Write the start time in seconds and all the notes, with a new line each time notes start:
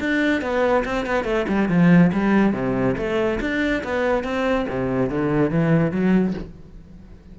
0.00 D4
0.42 B3
0.85 C4
1.06 B3
1.25 A3
1.49 G3
1.69 F3
2.13 G3
2.53 C3
2.97 A3
3.41 D4
3.84 B3
4.24 C4
4.69 C3
5.10 D3
5.51 E3
5.92 F#3